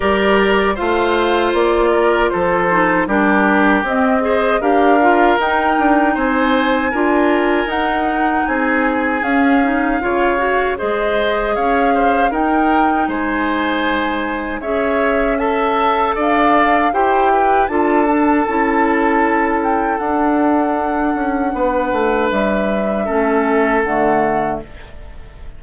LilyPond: <<
  \new Staff \with { instrumentName = "flute" } { \time 4/4 \tempo 4 = 78 d''4 f''4 d''4 c''4 | ais'4 dis''4 f''4 g''4 | gis''2 fis''4 gis''4 | f''2 dis''4 f''4 |
g''4 gis''2 e''4 | a''4 f''4 g''4 a''4~ | a''4. g''8 fis''2~ | fis''4 e''2 fis''4 | }
  \new Staff \with { instrumentName = "oboe" } { \time 4/4 ais'4 c''4. ais'8 a'4 | g'4. c''8 ais'2 | c''4 ais'2 gis'4~ | gis'4 cis''4 c''4 cis''8 c''8 |
ais'4 c''2 cis''4 | e''4 d''4 c''8 b'8 a'4~ | a'1 | b'2 a'2 | }
  \new Staff \with { instrumentName = "clarinet" } { \time 4/4 g'4 f'2~ f'8 dis'8 | d'4 c'8 gis'8 g'8 f'8 dis'4~ | dis'4 f'4 dis'2 | cis'8 dis'8 f'8 fis'8 gis'2 |
dis'2. gis'4 | a'2 g'4 f'8 d'8 | e'2 d'2~ | d'2 cis'4 a4 | }
  \new Staff \with { instrumentName = "bassoon" } { \time 4/4 g4 a4 ais4 f4 | g4 c'4 d'4 dis'8 d'8 | c'4 d'4 dis'4 c'4 | cis'4 cis4 gis4 cis'4 |
dis'4 gis2 cis'4~ | cis'4 d'4 e'4 d'4 | cis'2 d'4. cis'8 | b8 a8 g4 a4 d4 | }
>>